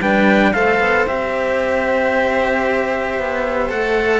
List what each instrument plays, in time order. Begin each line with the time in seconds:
0.00 cello G3 D4, violin B4, trumpet G5
0.53 cello A3 A4, violin C5, trumpet F5
0.79 cello B3
1.06 cello C4 G4, trumpet E5
3.18 cello B3
3.69 cello A3 A4, trumpet F#5